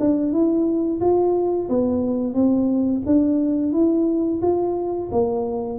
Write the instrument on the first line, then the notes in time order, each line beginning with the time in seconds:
tuba
0.00 D4
0.32 E4
1.01 F4
1.69 B3
2.34 C4
3.06 D4
3.73 E4
4.42 F4
5.12 A#3